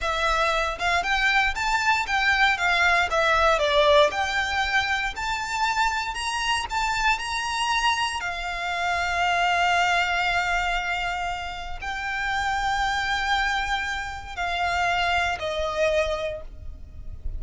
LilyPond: \new Staff \with { instrumentName = "violin" } { \time 4/4 \tempo 4 = 117 e''4. f''8 g''4 a''4 | g''4 f''4 e''4 d''4 | g''2 a''2 | ais''4 a''4 ais''2 |
f''1~ | f''2. g''4~ | g''1 | f''2 dis''2 | }